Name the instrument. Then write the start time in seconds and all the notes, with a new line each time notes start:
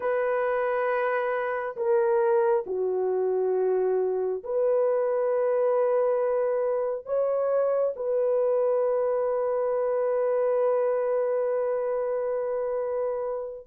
horn
0.00 B4
1.76 A#4
2.66 F#4
4.44 B4
7.05 C#5
7.95 B4